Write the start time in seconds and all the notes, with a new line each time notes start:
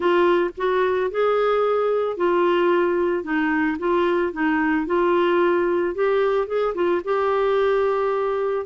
0.00 F4
0.57 F#4
1.10 G#4
2.16 F4
3.23 D#4
3.78 F4
4.32 D#4
4.86 F4
5.94 G4
6.47 G#4
6.74 F4
7.04 G4